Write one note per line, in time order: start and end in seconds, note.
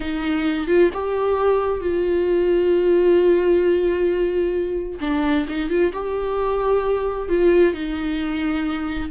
0.00 0.67 D#4
0.67 0.90 F4
0.93 1.80 G4
1.80 4.99 F4
5.01 5.46 D4
5.48 5.69 D#4
5.69 5.92 F4
5.93 7.29 G4
7.29 7.73 F4
7.73 9.10 D#4